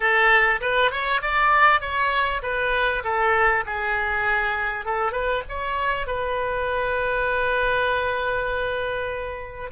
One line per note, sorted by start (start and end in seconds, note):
0.00 0.60 A4
0.61 0.91 B4
0.91 1.21 C#5
1.21 1.80 D5
1.80 2.41 C#5
2.42 3.03 B4
3.03 3.64 A4
3.65 4.85 G#4
4.85 5.12 A4
5.12 5.42 B4
5.48 6.07 C#5
6.07 9.70 B4